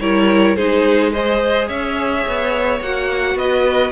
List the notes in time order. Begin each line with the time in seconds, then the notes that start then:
0.00 G3 E4 A#4 C#5
0.56 G#3 D#4 G#4 C5
1.12 G#4 C5 D#5
1.67 C#4 C#5 E5
2.27 B3
2.80 A#3 F#4 F#5
3.35 B3 B4 D#5